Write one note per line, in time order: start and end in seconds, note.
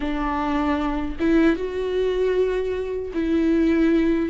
0.00 1.16 D4
1.19 1.56 E4
1.56 3.12 F#4
3.13 4.29 E4